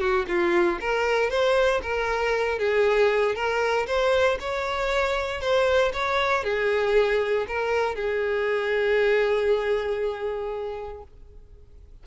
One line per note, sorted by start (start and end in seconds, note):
0.00 0.26 F#4
0.28 0.79 F4
0.80 1.30 A#4
1.30 1.82 C5
1.83 2.59 A#4
2.59 3.35 G#4
3.35 3.87 A#4
3.87 4.38 C5
4.40 5.41 C#5
5.41 5.92 C5
5.93 6.44 C#5
6.44 7.47 G#4
7.48 7.96 A#4
7.96 11.03 G#4